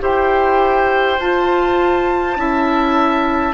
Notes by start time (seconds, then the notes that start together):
0.00 E4 G4 C5 G5
1.19 F4 A5
2.36 C#4 E4 E5